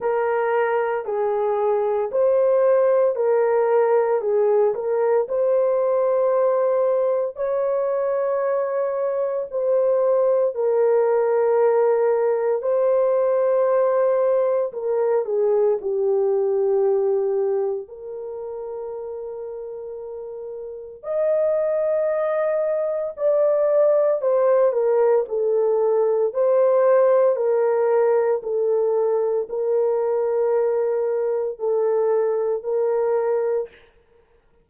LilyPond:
\new Staff \with { instrumentName = "horn" } { \time 4/4 \tempo 4 = 57 ais'4 gis'4 c''4 ais'4 | gis'8 ais'8 c''2 cis''4~ | cis''4 c''4 ais'2 | c''2 ais'8 gis'8 g'4~ |
g'4 ais'2. | dis''2 d''4 c''8 ais'8 | a'4 c''4 ais'4 a'4 | ais'2 a'4 ais'4 | }